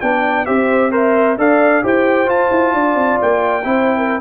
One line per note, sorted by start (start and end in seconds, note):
0.00 0.47 B3
0.00 0.46 D4
0.00 0.45 D5
0.00 0.45 G5
0.45 1.37 C4
0.45 0.91 G4
0.45 0.91 C5
0.45 0.91 E5
0.91 1.36 A#4
0.91 1.37 C5
0.91 1.39 E5
1.37 1.83 D4
1.37 1.82 A4
1.37 1.83 D5
1.37 1.85 F5
1.82 2.25 E4
1.82 2.26 G4
1.82 2.74 C5
1.82 2.29 G5
2.25 2.48 F4
2.25 3.62 F4
2.25 3.20 A5
2.51 2.73 E4
2.73 2.95 D4
2.73 3.65 D5
2.95 3.17 C4
3.21 3.64 A#3
3.21 4.20 G5
3.64 4.20 C4
3.64 4.20 E4
3.64 3.97 C5
3.97 4.20 A#4